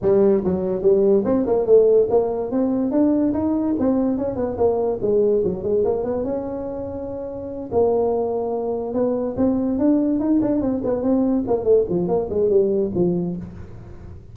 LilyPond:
\new Staff \with { instrumentName = "tuba" } { \time 4/4 \tempo 4 = 144 g4 fis4 g4 c'8 ais8 | a4 ais4 c'4 d'4 | dis'4 c'4 cis'8 b8 ais4 | gis4 fis8 gis8 ais8 b8 cis'4~ |
cis'2~ cis'8 ais4.~ | ais4. b4 c'4 d'8~ | d'8 dis'8 d'8 c'8 b8 c'4 ais8 | a8 f8 ais8 gis8 g4 f4 | }